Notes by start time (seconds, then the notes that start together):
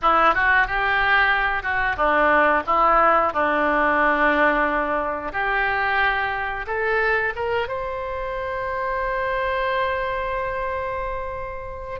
0.02 E4
0.34 F#4
0.67 G4
1.62 F#4
1.96 D4
2.66 E4
3.33 D4
5.32 G4
6.67 A4
7.35 A#4
7.68 C5